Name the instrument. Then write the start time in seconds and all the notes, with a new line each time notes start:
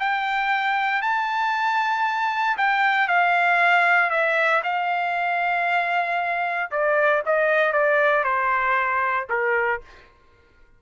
trumpet
0.00 G5
1.02 A5
2.58 G5
3.08 F5
4.11 E5
4.64 F5
6.71 D5
7.26 D#5
7.73 D5
8.24 C5
9.30 A#4